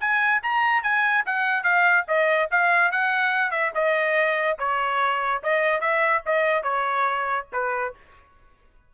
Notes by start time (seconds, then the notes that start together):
0.00 G#5
0.43 A#5
0.83 G#5
1.26 F#5
1.63 F5
2.08 D#5
2.51 F5
2.91 F#5
3.51 E5
3.74 D#5
4.59 C#5
5.43 D#5
5.80 E5
6.26 D#5
6.63 C#5
7.52 B4